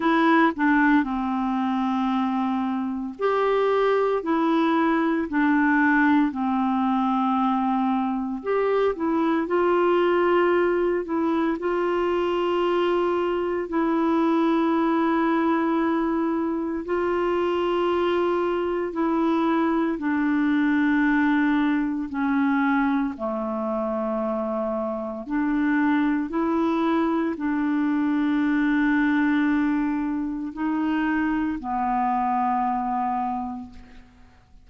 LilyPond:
\new Staff \with { instrumentName = "clarinet" } { \time 4/4 \tempo 4 = 57 e'8 d'8 c'2 g'4 | e'4 d'4 c'2 | g'8 e'8 f'4. e'8 f'4~ | f'4 e'2. |
f'2 e'4 d'4~ | d'4 cis'4 a2 | d'4 e'4 d'2~ | d'4 dis'4 b2 | }